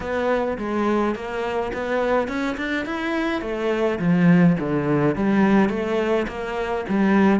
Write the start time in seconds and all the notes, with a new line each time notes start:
0.00 B3
0.58 G#3
1.15 A#3
1.73 B3
2.28 C#4
2.57 D4
2.85 E4
3.41 A3
3.99 F3
4.59 D3
5.15 G3
5.69 A3
6.27 A#3
6.88 G3